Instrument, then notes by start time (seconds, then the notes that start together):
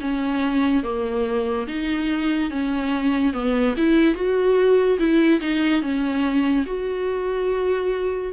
viola
0.00 C#4
0.83 A#3
1.67 D#4
2.50 C#4
3.33 B3
3.77 E4
4.14 F#4
4.98 E4
5.40 D#4
5.81 C#4
6.66 F#4